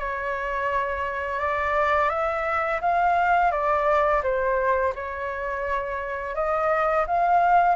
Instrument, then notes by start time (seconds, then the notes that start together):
flute
0.00 C#5
1.40 D5
2.10 E5
2.82 F5
3.52 D5
4.23 C5
4.95 C#5
6.35 D#5
7.07 F5